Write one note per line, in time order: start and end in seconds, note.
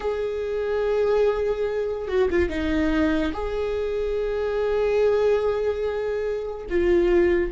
0.00 2.08 G#4
2.08 2.28 F#4
2.30 2.48 F4
2.48 3.32 D#4
3.33 6.66 G#4
6.69 7.52 F4